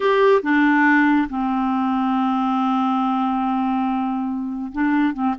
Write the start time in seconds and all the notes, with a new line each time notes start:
0.00 G4
0.42 D4
1.29 C4
4.72 D4
5.13 C4